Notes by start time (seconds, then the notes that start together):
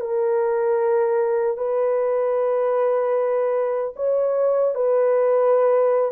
0.00 A#4
1.57 B4
3.96 C#5
4.74 B4